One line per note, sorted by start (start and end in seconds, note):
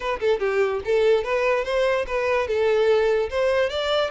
0.00 0.19 B4
0.19 0.39 A4
0.39 0.80 G4
0.84 1.23 A4
1.23 1.64 B4
1.64 2.05 C5
2.07 2.47 B4
2.47 3.29 A4
3.30 3.69 C5
3.69 4.10 D5